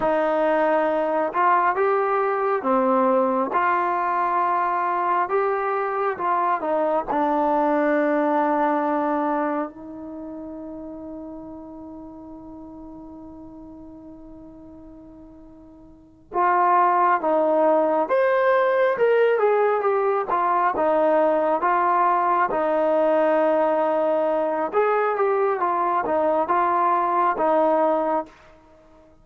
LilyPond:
\new Staff \with { instrumentName = "trombone" } { \time 4/4 \tempo 4 = 68 dis'4. f'8 g'4 c'4 | f'2 g'4 f'8 dis'8 | d'2. dis'4~ | dis'1~ |
dis'2~ dis'8 f'4 dis'8~ | dis'8 c''4 ais'8 gis'8 g'8 f'8 dis'8~ | dis'8 f'4 dis'2~ dis'8 | gis'8 g'8 f'8 dis'8 f'4 dis'4 | }